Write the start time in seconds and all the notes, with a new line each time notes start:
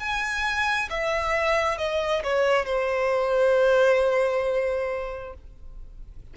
0.00 G#5
0.90 E5
1.78 D#5
2.24 C#5
2.65 C5